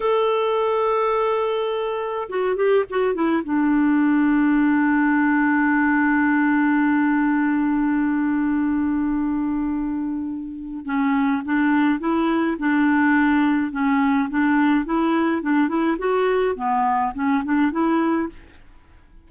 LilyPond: \new Staff \with { instrumentName = "clarinet" } { \time 4/4 \tempo 4 = 105 a'1 | fis'8 g'8 fis'8 e'8 d'2~ | d'1~ | d'1~ |
d'2. cis'4 | d'4 e'4 d'2 | cis'4 d'4 e'4 d'8 e'8 | fis'4 b4 cis'8 d'8 e'4 | }